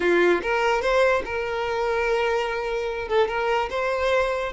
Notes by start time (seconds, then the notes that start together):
0.00 F4
0.42 A#4
0.81 C5
1.25 A#4
3.08 A4
3.28 A#4
3.70 C5